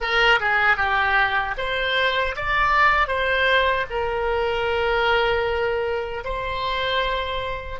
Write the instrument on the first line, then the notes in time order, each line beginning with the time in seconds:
oboe
0.00 A#4
0.39 G#4
0.77 G4
1.57 C5
2.36 D5
3.07 C5
3.90 A#4
6.24 C5